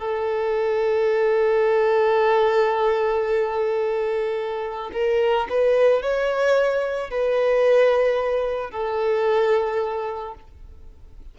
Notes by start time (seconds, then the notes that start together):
0.00 A4
4.93 A#4
5.50 B4
6.02 C#5
7.11 B4
8.71 A4